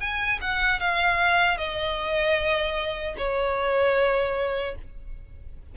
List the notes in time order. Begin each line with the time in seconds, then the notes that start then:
0.00 G#5
0.41 F#5
0.80 F5
1.58 D#5
3.18 C#5